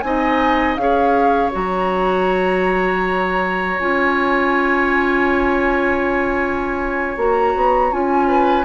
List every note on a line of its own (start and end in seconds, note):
0.00 0.76 C4
0.00 0.78 D#4
0.00 0.81 D#5
0.00 0.75 G#5
0.76 1.51 C#4
0.76 1.51 G#4
0.76 8.28 C#5
0.76 1.51 F5
1.51 3.79 F#3
1.51 3.76 F#4
1.51 3.79 A#5
3.79 7.17 C#4
3.79 7.17 F4
3.79 7.17 G#5
7.17 7.54 A#3
7.17 7.92 F#4
7.17 7.93 A#5
7.55 7.91 B3
7.91 8.65 C#4
7.91 8.65 F4
7.91 8.65 G#5
8.28 8.65 B4